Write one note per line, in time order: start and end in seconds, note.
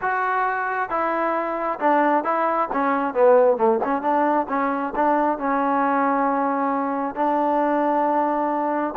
0.01 0.89 F#4
0.89 1.79 E4
1.79 2.24 D4
2.24 2.68 E4
2.72 3.14 C#4
3.14 3.57 B3
3.57 3.79 A3
3.84 4.02 C#4
4.02 4.46 D4
4.48 4.93 C#4
4.95 5.38 D4
5.38 7.15 C#4
7.15 8.94 D4